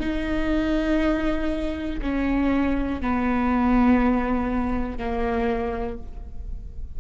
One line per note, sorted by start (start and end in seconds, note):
0.00 2.00 D#4
2.01 3.01 C#4
3.01 4.98 B3
4.98 5.98 A#3